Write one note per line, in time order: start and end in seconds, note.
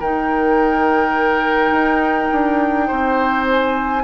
0.00 1.71 D#3
0.00 4.04 D#4
0.00 2.87 A#4
0.00 3.47 G5
1.71 2.29 D#4
2.32 2.90 D4
2.87 4.04 C4
2.87 4.03 C5
3.50 4.04 G#5